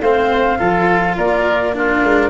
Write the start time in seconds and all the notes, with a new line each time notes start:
0.00 A3 C4 C5 F5
0.59 F3 F4 A4
1.17 A#3 A#4 D5
1.74 D4 F4 A#4
2.04 G#3